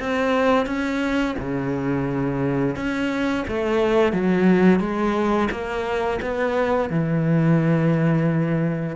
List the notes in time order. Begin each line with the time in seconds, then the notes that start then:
0.00 C4
0.66 C#4
1.39 C#3
2.76 C#4
3.48 A3
4.13 F#3
4.80 G#3
5.51 A#3
6.22 B3
6.90 E3